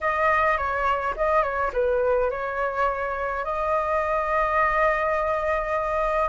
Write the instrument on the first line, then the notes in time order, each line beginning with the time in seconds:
flute
0.01 D#5
0.57 C#5
1.16 D#5
1.42 C#5
1.73 B4
2.30 C#5
3.44 D#5